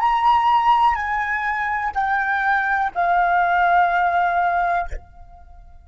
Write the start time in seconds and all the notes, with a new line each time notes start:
0.00 A#5
0.96 G#5
1.95 G5
2.95 F5